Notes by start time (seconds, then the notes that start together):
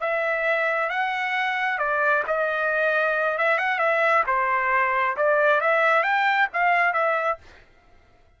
0.00 E5
0.89 F#5
1.78 D5
2.27 D#5
3.37 E5
3.58 F#5
3.78 E5
4.26 C5
5.16 D5
5.61 E5
6.03 G5
6.53 F5
6.93 E5